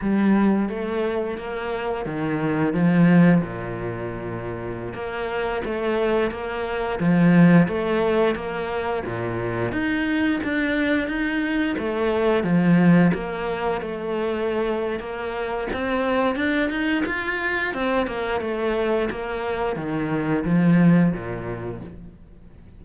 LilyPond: \new Staff \with { instrumentName = "cello" } { \time 4/4 \tempo 4 = 88 g4 a4 ais4 dis4 | f4 ais,2~ ais,16 ais8.~ | ais16 a4 ais4 f4 a8.~ | a16 ais4 ais,4 dis'4 d'8.~ |
d'16 dis'4 a4 f4 ais8.~ | ais16 a4.~ a16 ais4 c'4 | d'8 dis'8 f'4 c'8 ais8 a4 | ais4 dis4 f4 ais,4 | }